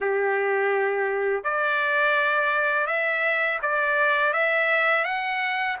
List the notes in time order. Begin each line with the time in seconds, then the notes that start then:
0.00 G4
1.43 D5
2.87 E5
3.61 D5
4.33 E5
5.04 F#5